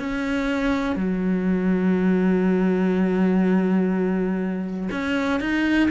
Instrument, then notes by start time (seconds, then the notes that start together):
cello
0.00 C#4
0.97 F#3
4.91 C#4
5.41 D#4